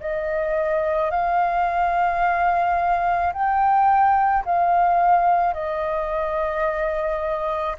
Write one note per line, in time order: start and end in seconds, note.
0.00 1.10 D#5
1.10 3.32 F5
3.33 4.44 G5
4.44 5.54 F5
5.54 7.76 D#5